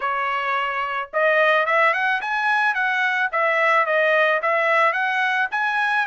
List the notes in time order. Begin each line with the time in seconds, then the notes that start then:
0.00 C#5
1.13 D#5
1.66 E5
1.93 F#5
2.21 G#5
2.74 F#5
3.32 E5
3.85 D#5
4.42 E5
4.92 F#5
5.51 G#5